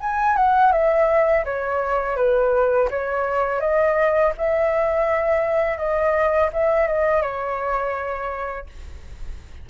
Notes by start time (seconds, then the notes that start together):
0.00 G#5
0.36 F#5
0.72 E5
1.45 C#5
2.17 B4
2.90 C#5
3.60 D#5
4.37 E5
5.77 D#5
6.53 E5
6.87 D#5
7.22 C#5